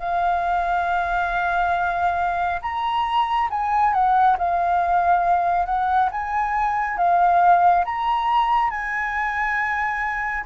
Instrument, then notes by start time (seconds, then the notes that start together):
flute
0.00 F5
2.62 A#5
3.50 G#5
3.94 F#5
4.38 F5
5.66 F#5
6.11 G#5
6.98 F5
7.85 A#5
8.70 G#5